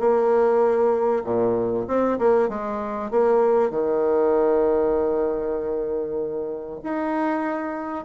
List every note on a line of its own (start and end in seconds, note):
0.00 1.24 A#3
1.25 1.86 A#2
1.88 2.19 C4
2.19 2.49 A#3
2.49 3.11 G#3
3.11 3.71 A#3
3.71 6.80 D#3
6.84 8.06 D#4